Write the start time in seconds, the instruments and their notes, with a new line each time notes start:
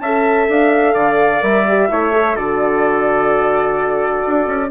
0.00 bassoon C#4, horn A4, trumpet E5, flute A5
0.49 bassoon D4, flute F5
0.94 bassoon D3, trumpet D5
1.41 bassoon G3, horn A#4, flute E5
1.68 horn G4
1.89 bassoon A3, horn E4, trumpet C#5
2.13 horn A4
2.36 bassoon D3, horn F#4, trumpet A4, flute D5
4.27 bassoon D4
4.46 bassoon C#4